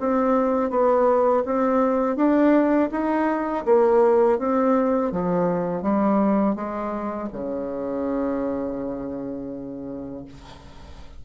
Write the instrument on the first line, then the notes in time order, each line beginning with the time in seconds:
bassoon
0.00 C4
0.70 B3
1.45 C4
2.16 D4
2.91 D#4
3.65 A#3
4.38 C4
5.12 F3
5.82 G3
6.55 G#3
7.32 C#3